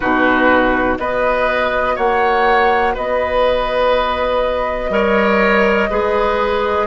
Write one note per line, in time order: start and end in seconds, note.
0.00 0.98 B2
0.00 0.99 D#4
0.00 0.98 F#4
0.00 0.95 B4
0.98 1.97 B3
0.98 4.91 F#4
0.98 1.95 B4
0.98 1.97 D#5
1.95 2.96 A#3
1.95 2.93 C#5
1.95 2.95 F#5
2.93 4.89 B3
2.93 4.90 B4
2.93 6.86 D#5
4.89 5.88 G3
4.89 5.89 A#4
4.89 5.90 C#5
5.90 6.86 G#3
5.90 6.86 G#4
5.90 6.86 B4